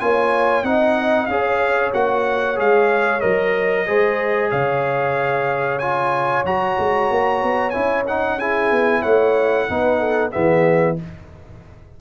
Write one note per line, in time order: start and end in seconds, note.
0.00 0.63 A#3
0.00 0.65 F4
0.00 0.65 C#5
0.00 0.64 G#5
0.63 1.27 C4
0.63 1.29 D#4
0.63 1.30 D#5
0.63 1.26 F#5
1.26 1.92 C#4
1.26 1.94 G#4
1.26 3.87 C#5
1.26 1.90 F5
1.94 2.58 A#3
1.94 2.56 F#4
1.94 2.58 F#5
2.56 3.23 G#3
2.56 3.20 G#4
2.56 3.20 F5
3.20 3.88 F#3
3.20 3.85 A#4
3.20 4.49 D#5
3.86 4.52 G#3
3.86 5.80 G#4
3.86 4.51 C5
4.51 6.44 C#3
4.51 8.38 C#5
4.51 5.79 F5
5.79 6.45 F4
5.79 6.43 G#5
6.44 6.77 F#3
6.44 7.73 F#4
6.44 7.70 A#5
6.78 7.10 G#3
7.10 7.42 A#3
7.42 7.75 B3
7.70 8.71 C#4
7.70 8.05 E4
7.70 8.02 G#5
8.07 8.40 D#4
8.07 8.39 F#5
8.38 9.69 E4
8.38 9.01 G#4
8.38 9.02 G#5
8.71 9.04 B3
9.01 9.69 A3
9.01 9.66 C#5
9.01 10.31 F#5
9.69 10.34 B3
9.69 10.32 D#4
9.69 9.99 B4
9.99 10.31 A4
10.32 11.00 E3
10.32 10.96 B3
10.32 10.97 G#4
10.32 10.96 E5